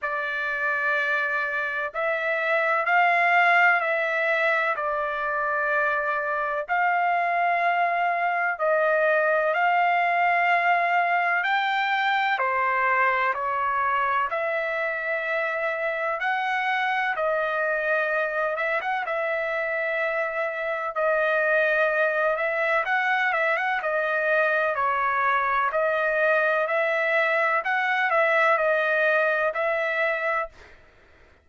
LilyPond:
\new Staff \with { instrumentName = "trumpet" } { \time 4/4 \tempo 4 = 63 d''2 e''4 f''4 | e''4 d''2 f''4~ | f''4 dis''4 f''2 | g''4 c''4 cis''4 e''4~ |
e''4 fis''4 dis''4. e''16 fis''16 | e''2 dis''4. e''8 | fis''8 e''16 fis''16 dis''4 cis''4 dis''4 | e''4 fis''8 e''8 dis''4 e''4 | }